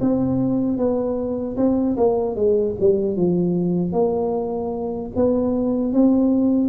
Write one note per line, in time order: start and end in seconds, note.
0.00 0.77 C4
0.77 1.56 B3
1.56 1.96 C4
1.96 2.35 A#3
2.35 2.75 G#3
2.80 3.16 G3
3.16 3.92 F3
3.92 5.11 A#3
5.15 5.92 B3
5.92 6.69 C4